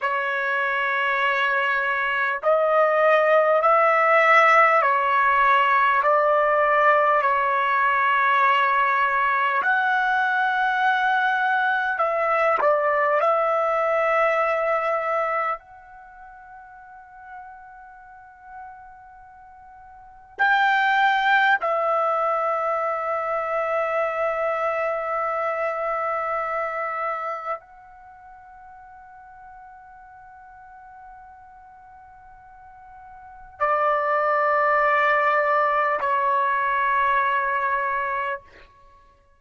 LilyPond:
\new Staff \with { instrumentName = "trumpet" } { \time 4/4 \tempo 4 = 50 cis''2 dis''4 e''4 | cis''4 d''4 cis''2 | fis''2 e''8 d''8 e''4~ | e''4 fis''2.~ |
fis''4 g''4 e''2~ | e''2. fis''4~ | fis''1 | d''2 cis''2 | }